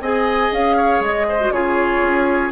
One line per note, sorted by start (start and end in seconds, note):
0.00 0.50 C4
0.00 1.40 G#4
0.00 0.76 D#5
0.00 0.52 G#5
0.52 0.99 C#4
0.52 1.03 F5
0.76 1.26 C#5
0.99 1.49 G#3
0.99 1.51 D#5
1.28 1.53 C5
1.40 1.52 F#4
1.51 2.01 C#3
1.51 2.51 F4
1.51 2.51 G#4
1.51 2.51 C#5
2.02 2.51 C#4